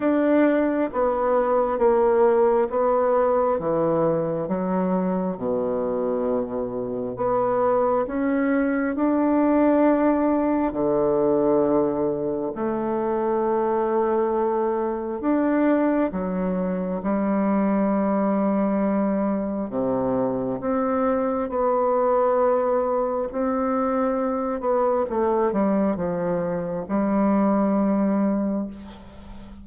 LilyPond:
\new Staff \with { instrumentName = "bassoon" } { \time 4/4 \tempo 4 = 67 d'4 b4 ais4 b4 | e4 fis4 b,2 | b4 cis'4 d'2 | d2 a2~ |
a4 d'4 fis4 g4~ | g2 c4 c'4 | b2 c'4. b8 | a8 g8 f4 g2 | }